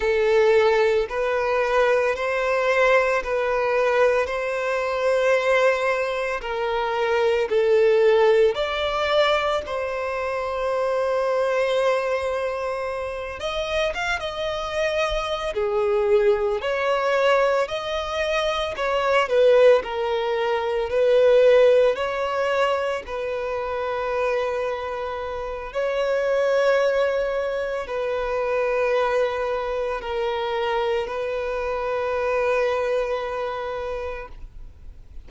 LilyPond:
\new Staff \with { instrumentName = "violin" } { \time 4/4 \tempo 4 = 56 a'4 b'4 c''4 b'4 | c''2 ais'4 a'4 | d''4 c''2.~ | c''8 dis''8 f''16 dis''4~ dis''16 gis'4 cis''8~ |
cis''8 dis''4 cis''8 b'8 ais'4 b'8~ | b'8 cis''4 b'2~ b'8 | cis''2 b'2 | ais'4 b'2. | }